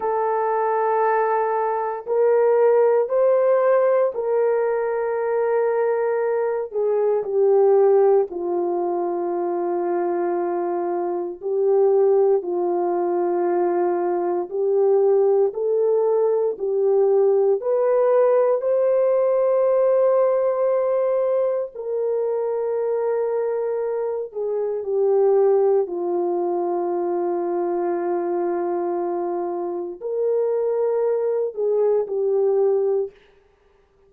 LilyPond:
\new Staff \with { instrumentName = "horn" } { \time 4/4 \tempo 4 = 58 a'2 ais'4 c''4 | ais'2~ ais'8 gis'8 g'4 | f'2. g'4 | f'2 g'4 a'4 |
g'4 b'4 c''2~ | c''4 ais'2~ ais'8 gis'8 | g'4 f'2.~ | f'4 ais'4. gis'8 g'4 | }